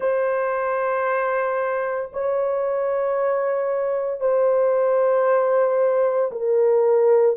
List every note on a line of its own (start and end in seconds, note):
0.00 2.11 C5
2.12 4.20 C#5
4.20 6.31 C5
6.32 7.36 A#4